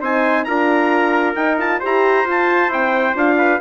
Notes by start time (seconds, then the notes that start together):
0.00 C4 D#4 C5 G#5
0.44 D4 F4 A#4 A#5
1.35 D#4 G5
1.58 F4 A5
1.79 E4 G4 C5 A#5
2.24 F4 A5
2.68 C4 E4 G5
3.15 D4 F4 F5
3.37 B4